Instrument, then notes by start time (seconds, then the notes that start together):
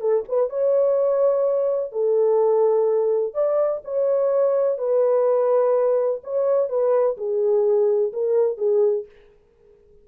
horn
0.00 A4
0.28 B4
0.50 C#5
1.92 A4
3.34 D5
3.84 C#5
4.78 B4
6.24 C#5
6.69 B4
7.17 G#4
8.13 A#4
8.58 G#4